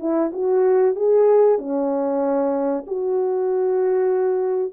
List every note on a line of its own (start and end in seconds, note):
0.00 0.32 E4
0.33 0.96 F#4
0.96 1.59 G#4
1.59 2.85 C#4
2.87 4.73 F#4